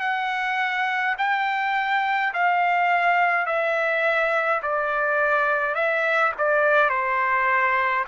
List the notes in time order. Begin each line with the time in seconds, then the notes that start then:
0.00 F#5
1.18 G5
2.33 F5
3.46 E5
4.62 D5
5.75 E5
6.38 D5
6.90 C5